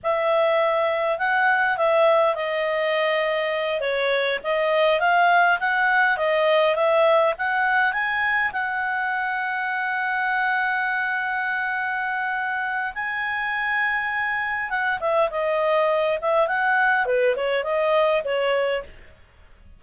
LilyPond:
\new Staff \with { instrumentName = "clarinet" } { \time 4/4 \tempo 4 = 102 e''2 fis''4 e''4 | dis''2~ dis''8 cis''4 dis''8~ | dis''8 f''4 fis''4 dis''4 e''8~ | e''8 fis''4 gis''4 fis''4.~ |
fis''1~ | fis''2 gis''2~ | gis''4 fis''8 e''8 dis''4. e''8 | fis''4 b'8 cis''8 dis''4 cis''4 | }